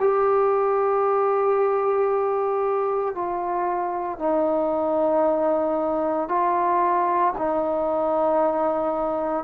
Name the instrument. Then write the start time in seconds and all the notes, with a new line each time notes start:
trombone
0.00 G4
3.15 F4
4.19 D#4
6.28 F4
7.38 D#4